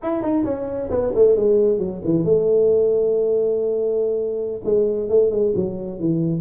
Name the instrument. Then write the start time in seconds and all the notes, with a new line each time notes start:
tuba
0.02 E4
0.22 D#4
0.44 C#4
0.90 B3
1.14 A3
1.36 G#3
1.78 F#3
2.04 E3
2.24 A3
4.64 G#3
5.09 A3
5.30 G#3
5.55 F#3
5.99 E3